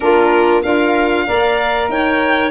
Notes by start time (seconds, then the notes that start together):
0.00 A#3 D4 F4 A#4
0.62 D4 F4 A#4 F5
1.26 A#3 A#4 D5
1.88 D#4 C#5 G5